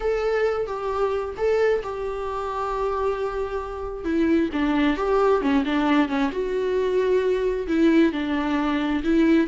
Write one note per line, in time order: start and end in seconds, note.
0.00 0.66 A4
0.66 1.34 G4
1.37 1.82 A4
1.83 4.04 G4
4.04 4.49 E4
4.53 4.96 D4
4.96 5.41 G4
5.41 5.64 C#4
5.65 6.08 D4
6.08 6.31 C#4
6.31 7.67 F#4
7.67 8.12 E4
8.12 9.02 D4
9.03 9.47 E4